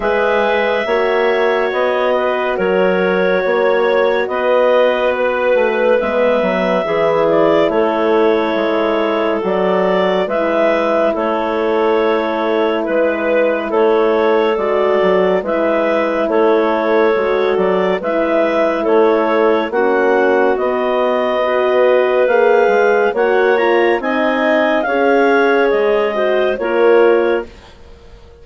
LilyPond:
<<
  \new Staff \with { instrumentName = "clarinet" } { \time 4/4 \tempo 4 = 70 e''2 dis''4 cis''4~ | cis''4 dis''4 b'4 e''4~ | e''8 d''8 cis''2 d''4 | e''4 cis''2 b'4 |
cis''4 d''4 e''4 cis''4~ | cis''8 d''8 e''4 cis''4 fis''4 | dis''2 f''4 fis''8 ais''8 | gis''4 f''4 dis''4 cis''4 | }
  \new Staff \with { instrumentName = "clarinet" } { \time 4/4 b'4 cis''4. b'8 ais'4 | cis''4 b'2. | gis'4 a'2. | b'4 a'2 b'4 |
a'2 b'4 a'4~ | a'4 b'4 a'4 fis'4~ | fis'4 b'2 cis''4 | dis''4 cis''4. c''8 ais'4 | }
  \new Staff \with { instrumentName = "horn" } { \time 4/4 gis'4 fis'2.~ | fis'2. b4 | e'2. fis'4 | e'1~ |
e'4 fis'4 e'2 | fis'4 e'2 cis'4 | b4 fis'4 gis'4 fis'8 f'8 | dis'4 gis'4. fis'8 f'4 | }
  \new Staff \with { instrumentName = "bassoon" } { \time 4/4 gis4 ais4 b4 fis4 | ais4 b4. a8 gis8 fis8 | e4 a4 gis4 fis4 | gis4 a2 gis4 |
a4 gis8 fis8 gis4 a4 | gis8 fis8 gis4 a4 ais4 | b2 ais8 gis8 ais4 | c'4 cis'4 gis4 ais4 | }
>>